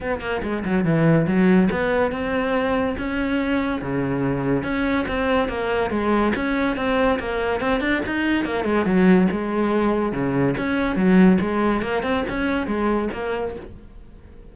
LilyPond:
\new Staff \with { instrumentName = "cello" } { \time 4/4 \tempo 4 = 142 b8 ais8 gis8 fis8 e4 fis4 | b4 c'2 cis'4~ | cis'4 cis2 cis'4 | c'4 ais4 gis4 cis'4 |
c'4 ais4 c'8 d'8 dis'4 | ais8 gis8 fis4 gis2 | cis4 cis'4 fis4 gis4 | ais8 c'8 cis'4 gis4 ais4 | }